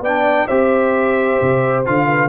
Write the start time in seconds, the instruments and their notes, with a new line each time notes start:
0.00 tuba B3, trombone D4, horn D5, trumpet G5
0.46 tuba C4, trombone G4, horn C5, trumpet E5
1.41 tuba C3
1.85 tuba D3, trombone F4, trumpet F5
2.06 horn B4